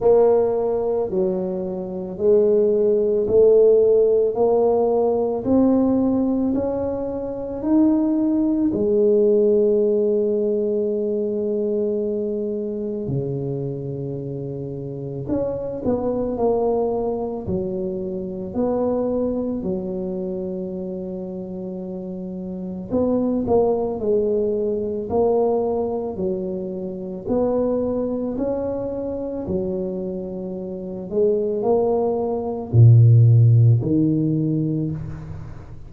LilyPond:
\new Staff \with { instrumentName = "tuba" } { \time 4/4 \tempo 4 = 55 ais4 fis4 gis4 a4 | ais4 c'4 cis'4 dis'4 | gis1 | cis2 cis'8 b8 ais4 |
fis4 b4 fis2~ | fis4 b8 ais8 gis4 ais4 | fis4 b4 cis'4 fis4~ | fis8 gis8 ais4 ais,4 dis4 | }